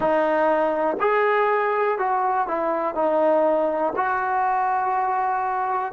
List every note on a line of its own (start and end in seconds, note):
0.00 0.97 D#4
1.00 1.98 G#4
1.98 2.47 F#4
2.47 2.95 E4
2.95 3.93 D#4
3.96 5.92 F#4